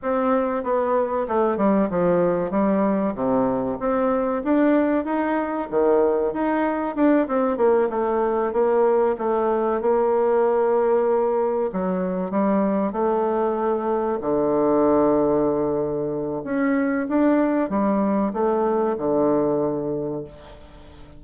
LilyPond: \new Staff \with { instrumentName = "bassoon" } { \time 4/4 \tempo 4 = 95 c'4 b4 a8 g8 f4 | g4 c4 c'4 d'4 | dis'4 dis4 dis'4 d'8 c'8 | ais8 a4 ais4 a4 ais8~ |
ais2~ ais8 fis4 g8~ | g8 a2 d4.~ | d2 cis'4 d'4 | g4 a4 d2 | }